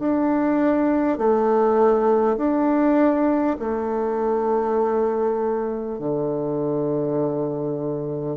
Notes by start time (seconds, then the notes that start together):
0.00 D4
1.19 A3
2.37 D4
3.59 A3
5.99 D3